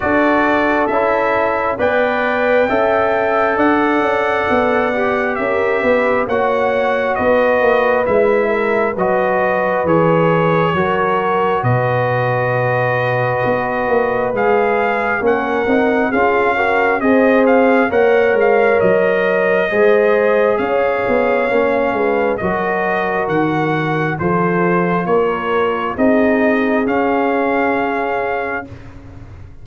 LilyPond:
<<
  \new Staff \with { instrumentName = "trumpet" } { \time 4/4 \tempo 4 = 67 d''4 e''4 g''2 | fis''2 e''4 fis''4 | dis''4 e''4 dis''4 cis''4~ | cis''4 dis''2. |
f''4 fis''4 f''4 dis''8 f''8 | fis''8 f''8 dis''2 f''4~ | f''4 dis''4 fis''4 c''4 | cis''4 dis''4 f''2 | }
  \new Staff \with { instrumentName = "horn" } { \time 4/4 a'2 d''4 e''4 | d''2 ais'8 b'8 cis''4 | b'4. ais'8 b'2 | ais'4 b'2.~ |
b'4 ais'4 gis'8 ais'8 c''4 | cis''2 c''4 cis''4~ | cis''8 b'8 ais'2 a'4 | ais'4 gis'2. | }
  \new Staff \with { instrumentName = "trombone" } { \time 4/4 fis'4 e'4 b'4 a'4~ | a'4. g'4. fis'4~ | fis'4 e'4 fis'4 gis'4 | fis'1 |
gis'4 cis'8 dis'8 f'8 fis'8 gis'4 | ais'2 gis'2 | cis'4 fis'2 f'4~ | f'4 dis'4 cis'2 | }
  \new Staff \with { instrumentName = "tuba" } { \time 4/4 d'4 cis'4 b4 cis'4 | d'8 cis'8 b4 cis'8 b8 ais4 | b8 ais8 gis4 fis4 e4 | fis4 b,2 b8 ais8 |
gis4 ais8 c'8 cis'4 c'4 | ais8 gis8 fis4 gis4 cis'8 b8 | ais8 gis8 fis4 dis4 f4 | ais4 c'4 cis'2 | }
>>